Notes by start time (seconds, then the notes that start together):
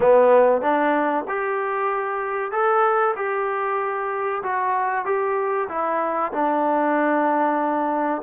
0.00 B3
0.61 D4
1.27 G4
2.51 A4
3.16 G4
4.42 F#4
5.05 G4
5.68 E4
6.32 D4